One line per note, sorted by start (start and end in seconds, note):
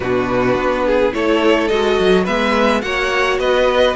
0.00 0.55 B2
0.00 1.13 D4
0.00 0.85 F#4
0.00 1.13 B4
0.55 1.12 B3
0.85 1.13 G#4
1.13 1.70 A3
1.13 1.70 E4
1.13 2.24 A4
1.13 1.68 C#5
1.68 1.99 G#3
1.68 2.26 F#4
1.68 2.24 D#5
1.99 2.27 F#3
2.24 2.82 G#3
2.24 2.82 B3
2.24 2.80 B4
2.24 2.81 E5
2.81 3.38 A#3
2.81 3.95 F#4
2.81 3.40 C#5
2.81 3.38 F#5
3.38 3.94 B3
3.38 3.96 B4
3.38 3.96 D#5